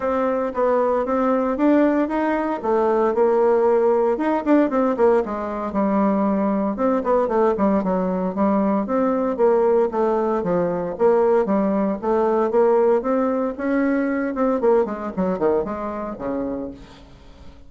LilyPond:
\new Staff \with { instrumentName = "bassoon" } { \time 4/4 \tempo 4 = 115 c'4 b4 c'4 d'4 | dis'4 a4 ais2 | dis'8 d'8 c'8 ais8 gis4 g4~ | g4 c'8 b8 a8 g8 fis4 |
g4 c'4 ais4 a4 | f4 ais4 g4 a4 | ais4 c'4 cis'4. c'8 | ais8 gis8 fis8 dis8 gis4 cis4 | }